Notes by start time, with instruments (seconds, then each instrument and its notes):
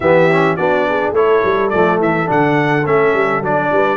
0.00 tuba E3, trombone B3, horn G4, trumpet E5
0.30 trombone C#4
0.56 tuba B3, trombone D4, horn F#4, trumpet D5
0.88 horn G#4
1.11 tuba A3, trombone E4, horn A4, trumpet C#5
1.44 tuba G3
1.69 tuba F3, trombone A3, trumpet D5
1.99 tuba E3, trumpet E5
2.26 tuba D3, trombone D4, trumpet F#5
2.85 tuba A3, trombone C#4, trumpet E5
3.13 tuba G3
3.41 tuba F#3, trombone D4, trumpet D5
3.71 tuba G3, horn B4